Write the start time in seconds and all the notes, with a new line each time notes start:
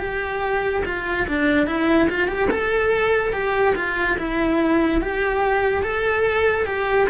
0.00 G4
0.86 F4
1.28 D4
1.67 E4
2.09 F4
2.28 G4
2.51 A4
3.33 G4
3.76 F4
4.19 E4
5.02 G4
5.83 A4
6.66 G4